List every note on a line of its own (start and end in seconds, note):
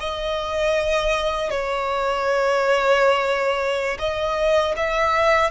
0.00 1.51 D#5
1.51 3.97 C#5
3.99 4.75 D#5
4.76 5.50 E5